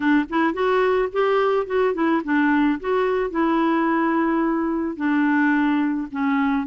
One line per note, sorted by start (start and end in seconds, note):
0.00 0.25 D4
0.29 0.53 E4
0.53 1.09 F#4
1.12 1.66 G4
1.66 1.94 F#4
1.94 2.21 E4
2.23 2.79 D4
2.80 3.30 F#4
3.30 4.96 E4
4.96 6.07 D4
6.11 6.66 C#4